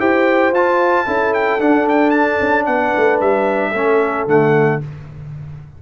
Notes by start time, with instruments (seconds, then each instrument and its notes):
0.00 tuba E4, trombone G4, horn C5, trumpet G5
0.53 tuba F4, trombone F4, trumpet A5
1.06 tuba C#4, trombone E4, horn A4
1.34 trumpet G5
1.59 tuba D4, trombone D4, trumpet F#5
1.89 trumpet G5
2.11 trumpet A5
2.41 tuba C#4
2.66 tuba B3, horn B4, trumpet F#5
2.97 tuba A3
3.21 tuba G3, trumpet E5
3.71 tuba A3, trombone C#4, horn A4
4.27 tuba D3, trombone A3, trumpet F#5